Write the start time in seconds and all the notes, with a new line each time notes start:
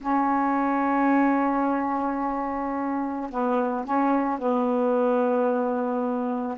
0.00 C#4
3.30 B3
3.84 C#4
4.39 B3